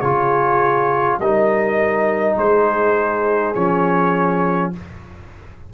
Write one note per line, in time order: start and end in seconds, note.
0.00 1.19 C#3
0.00 1.21 F4
0.00 1.18 G#4
0.00 1.18 C#5
1.19 2.36 G3
1.19 3.55 D#4
1.19 2.37 A#4
1.19 2.38 D#5
2.37 3.55 G#3
2.37 4.72 G#4
2.37 3.55 C5
3.55 4.73 F3
3.55 4.73 C#4
3.55 4.72 C#5